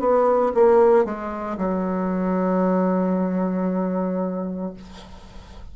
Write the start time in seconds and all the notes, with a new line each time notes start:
0.00 B3
0.55 A#3
1.05 G#3
1.58 F#3